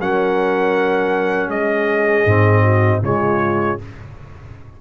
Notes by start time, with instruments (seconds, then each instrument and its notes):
0.00 tuba F#3, trombone C#4, horn A#4, trumpet F#5
1.48 tuba G#3, horn G#4, trumpet D#5
2.25 tuba G#2, trombone C4
2.62 horn F#4
3.02 tuba C#3, trombone G#3, horn F4, trumpet C#5